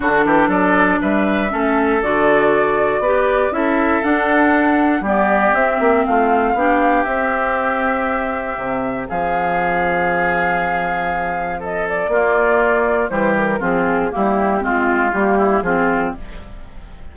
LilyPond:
<<
  \new Staff \with { instrumentName = "flute" } { \time 4/4 \tempo 4 = 119 a'4 d''4 e''2 | d''2. e''4 | fis''2 d''4 e''4 | f''2 e''2~ |
e''2 f''2~ | f''2. dis''8 d''8~ | d''2 c''8 ais'8 gis'4 | g'4 f'4 g'4 gis'4 | }
  \new Staff \with { instrumentName = "oboe" } { \time 4/4 fis'8 g'8 a'4 b'4 a'4~ | a'2 b'4 a'4~ | a'2 g'2 | f'4 g'2.~ |
g'2 gis'2~ | gis'2. a'4 | f'2 g'4 f'4 | e'4 f'4. e'8 f'4 | }
  \new Staff \with { instrumentName = "clarinet" } { \time 4/4 d'2. cis'4 | fis'2 g'4 e'4 | d'2 b4 c'4~ | c'4 d'4 c'2~ |
c'1~ | c'1 | ais2 g4 c'4 | ais4 c'4 ais4 c'4 | }
  \new Staff \with { instrumentName = "bassoon" } { \time 4/4 d8 e8 fis4 g4 a4 | d2 b4 cis'4 | d'2 g4 c'8 ais8 | a4 b4 c'2~ |
c'4 c4 f2~ | f1 | ais2 e4 f4 | g4 gis4 g4 f4 | }
>>